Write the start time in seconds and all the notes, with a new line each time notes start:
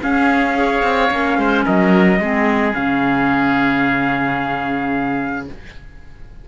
0.00 C#4 G#4 F5
0.53 G#4 C#5
0.82 C4
1.09 A#3 C#4
1.37 G#3 C5
1.64 F#3 A#4 D#5
2.19 G#3 C4 G#4
2.73 C#3 C#4 F5